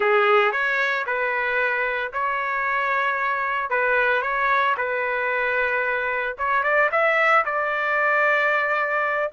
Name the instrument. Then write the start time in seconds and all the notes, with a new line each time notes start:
trumpet
0.00 G#4
0.52 C#5
1.06 B4
2.12 C#5
3.70 B4
4.22 C#5
4.77 B4
6.38 C#5
6.63 D5
6.91 E5
7.45 D5